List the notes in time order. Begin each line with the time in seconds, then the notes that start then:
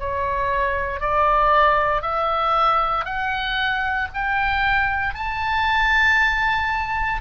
0.00 C#5
1.01 D5
2.02 E5
3.05 F#5
4.14 G5
5.15 A5